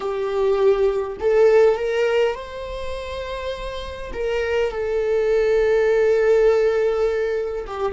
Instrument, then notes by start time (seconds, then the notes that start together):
viola
0.00 G4
1.20 A4
1.76 A#4
2.35 C5
4.13 A#4
4.71 A4
7.66 G4